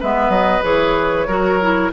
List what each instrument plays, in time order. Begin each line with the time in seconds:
0.00 bassoon G#3, clarinet B3, oboe B4, flute E5
0.29 bassoon F#3, flute D#5
0.62 bassoon E3, clarinet G#4, flute C#5
1.27 bassoon F#3, clarinet F#4, oboe A#4
1.61 clarinet E4